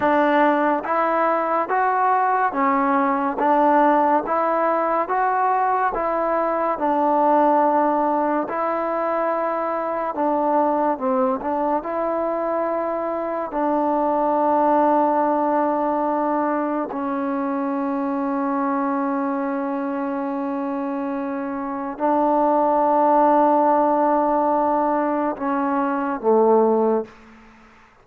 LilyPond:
\new Staff \with { instrumentName = "trombone" } { \time 4/4 \tempo 4 = 71 d'4 e'4 fis'4 cis'4 | d'4 e'4 fis'4 e'4 | d'2 e'2 | d'4 c'8 d'8 e'2 |
d'1 | cis'1~ | cis'2 d'2~ | d'2 cis'4 a4 | }